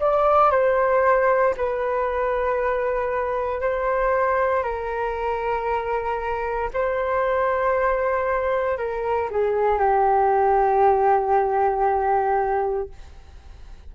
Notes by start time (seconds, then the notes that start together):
0.00 D5
0.51 C5
1.57 B4
3.61 C5
4.64 A#4
6.74 C5
8.78 A#4
9.31 G#4
9.79 G4